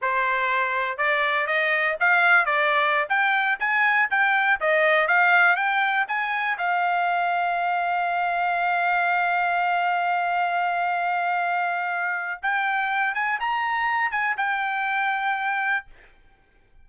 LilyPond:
\new Staff \with { instrumentName = "trumpet" } { \time 4/4 \tempo 4 = 121 c''2 d''4 dis''4 | f''4 d''4~ d''16 g''4 gis''8.~ | gis''16 g''4 dis''4 f''4 g''8.~ | g''16 gis''4 f''2~ f''8.~ |
f''1~ | f''1~ | f''4 g''4. gis''8 ais''4~ | ais''8 gis''8 g''2. | }